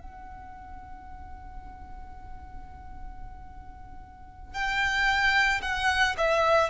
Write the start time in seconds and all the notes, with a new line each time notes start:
0.00 F#5
4.54 G5
5.62 F#5
6.18 E5